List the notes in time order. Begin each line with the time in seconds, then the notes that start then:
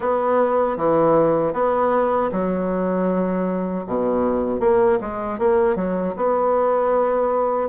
0.00 B3
0.77 E3
1.53 B3
2.31 F#3
3.86 B2
4.60 A#3
5.00 G#3
5.38 A#3
5.75 F#3
6.16 B3